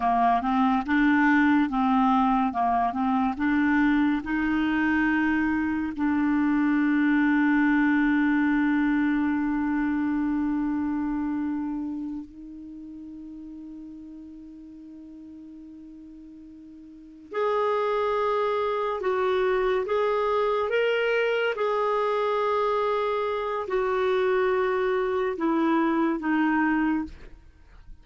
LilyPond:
\new Staff \with { instrumentName = "clarinet" } { \time 4/4 \tempo 4 = 71 ais8 c'8 d'4 c'4 ais8 c'8 | d'4 dis'2 d'4~ | d'1~ | d'2~ d'8 dis'4.~ |
dis'1~ | dis'8 gis'2 fis'4 gis'8~ | gis'8 ais'4 gis'2~ gis'8 | fis'2 e'4 dis'4 | }